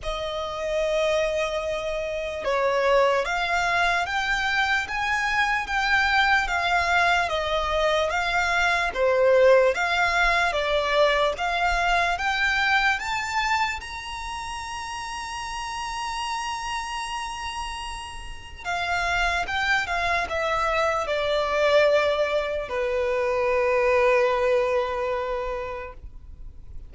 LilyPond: \new Staff \with { instrumentName = "violin" } { \time 4/4 \tempo 4 = 74 dis''2. cis''4 | f''4 g''4 gis''4 g''4 | f''4 dis''4 f''4 c''4 | f''4 d''4 f''4 g''4 |
a''4 ais''2.~ | ais''2. f''4 | g''8 f''8 e''4 d''2 | b'1 | }